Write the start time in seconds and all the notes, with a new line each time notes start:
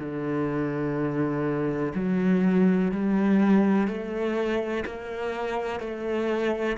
0.00 D3
1.95 F#3
2.92 G3
3.88 A3
4.86 A#3
5.81 A3